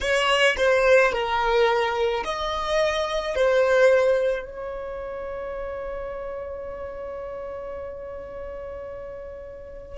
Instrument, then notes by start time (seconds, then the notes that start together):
violin
0.00 C#5
0.57 C5
1.12 A#4
2.24 D#5
3.35 C5
4.44 C#5